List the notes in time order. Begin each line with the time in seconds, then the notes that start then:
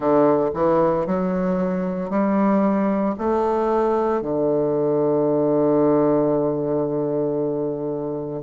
0.00 D3
0.54 E3
1.06 F#3
2.10 G3
3.18 A3
4.21 D3